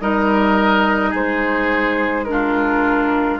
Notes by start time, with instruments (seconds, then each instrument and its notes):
0.00 bassoon G3, clarinet D#4, oboe A#4, flute D#5
1.10 bassoon G#3, oboe G#4, flute C5
2.25 clarinet D4, flute A#4
2.32 oboe F4